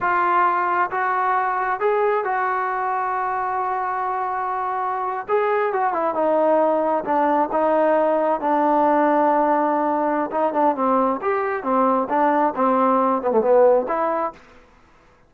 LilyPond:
\new Staff \with { instrumentName = "trombone" } { \time 4/4 \tempo 4 = 134 f'2 fis'2 | gis'4 fis'2.~ | fis'2.~ fis'8. gis'16~ | gis'8. fis'8 e'8 dis'2 d'16~ |
d'8. dis'2 d'4~ d'16~ | d'2. dis'8 d'8 | c'4 g'4 c'4 d'4 | c'4. b16 a16 b4 e'4 | }